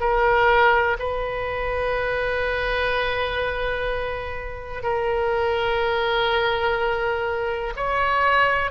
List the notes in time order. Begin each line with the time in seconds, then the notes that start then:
0.00 A#4
0.99 B4
4.83 A#4
7.76 C#5